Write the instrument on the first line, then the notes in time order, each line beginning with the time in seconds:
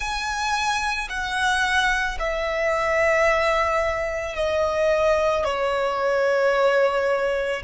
violin
0.00 G#5
1.09 F#5
2.19 E5
4.35 D#5
5.44 C#5